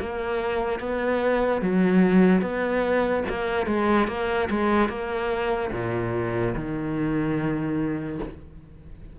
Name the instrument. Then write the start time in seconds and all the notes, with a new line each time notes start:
cello
0.00 A#3
0.80 B3
1.62 F#3
2.42 B3
3.30 A#3
3.67 G#3
4.08 A#3
4.51 G#3
4.89 A#3
5.72 A#2
6.55 D#3